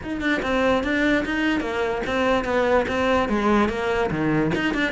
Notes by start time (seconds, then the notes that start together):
0.03 D#4
0.20 D4
0.42 C4
0.83 D4
1.25 D#4
1.60 A#3
2.06 C4
2.44 B3
2.87 C4
3.29 G#3
3.68 A#3
4.10 D#3
4.54 D#4
4.74 D4